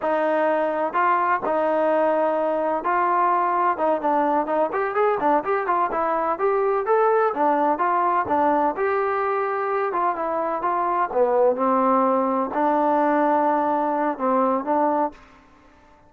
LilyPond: \new Staff \with { instrumentName = "trombone" } { \time 4/4 \tempo 4 = 127 dis'2 f'4 dis'4~ | dis'2 f'2 | dis'8 d'4 dis'8 g'8 gis'8 d'8 g'8 | f'8 e'4 g'4 a'4 d'8~ |
d'8 f'4 d'4 g'4.~ | g'4 f'8 e'4 f'4 b8~ | b8 c'2 d'4.~ | d'2 c'4 d'4 | }